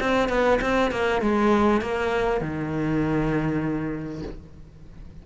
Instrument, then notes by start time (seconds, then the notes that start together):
cello
0.00 C4
0.29 B3
0.61 C4
0.91 A#3
1.22 G#3
1.82 A#3
2.41 D#3